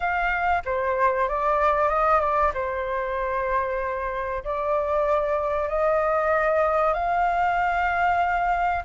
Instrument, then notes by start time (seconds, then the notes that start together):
flute
0.00 F5
0.65 C5
1.28 D5
1.88 D#5
2.20 D5
2.54 C5
4.44 D5
5.68 D#5
6.93 F5